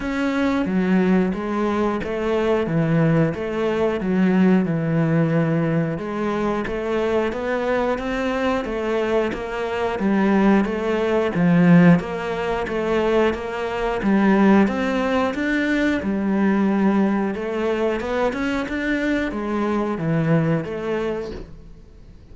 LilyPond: \new Staff \with { instrumentName = "cello" } { \time 4/4 \tempo 4 = 90 cis'4 fis4 gis4 a4 | e4 a4 fis4 e4~ | e4 gis4 a4 b4 | c'4 a4 ais4 g4 |
a4 f4 ais4 a4 | ais4 g4 c'4 d'4 | g2 a4 b8 cis'8 | d'4 gis4 e4 a4 | }